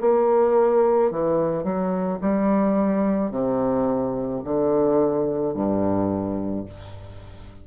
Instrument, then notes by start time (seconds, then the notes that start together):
bassoon
0.00 A#3
1.11 E3
1.63 F#3
2.21 G3
3.30 C3
4.43 D3
5.54 G2